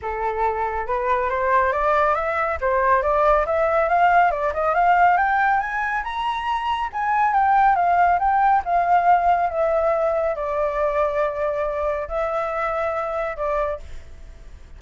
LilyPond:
\new Staff \with { instrumentName = "flute" } { \time 4/4 \tempo 4 = 139 a'2 b'4 c''4 | d''4 e''4 c''4 d''4 | e''4 f''4 d''8 dis''8 f''4 | g''4 gis''4 ais''2 |
gis''4 g''4 f''4 g''4 | f''2 e''2 | d''1 | e''2. d''4 | }